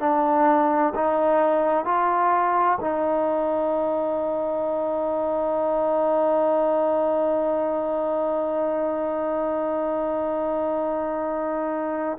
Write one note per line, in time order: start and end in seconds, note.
0.00 0.94 D4
0.95 1.85 D#4
1.85 2.79 F4
2.81 12.18 D#4